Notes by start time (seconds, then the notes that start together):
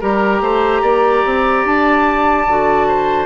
0.00 G3 G4 A#4 A#5
0.40 A3 C5
0.82 A#3 D5
1.25 C4
1.64 D4 A5
2.46 D3 F#4
2.87 C5